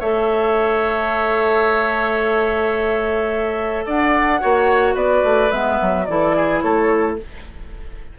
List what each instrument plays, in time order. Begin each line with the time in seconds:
0.00 bassoon A3, clarinet A4, oboe C#5, flute E5
3.86 bassoon D4, oboe D5, flute F#5
4.40 bassoon A#3, clarinet F#4, oboe C#5
4.95 bassoon B3, oboe B4, flute D5
5.24 bassoon A3
5.51 bassoon G#3, clarinet B3, flute E5
5.82 bassoon F#3
6.06 bassoon E3, clarinet E4, oboe A4, flute D5
6.37 oboe G#4
6.62 bassoon A3, oboe A4, flute C#5